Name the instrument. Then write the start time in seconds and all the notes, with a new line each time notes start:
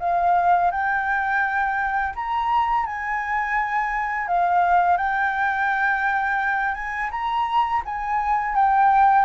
flute
0.00 F5
0.71 G5
2.15 A#5
2.86 G#5
4.28 F5
4.97 G5
6.75 G#5
7.11 A#5
7.85 G#5
8.56 G5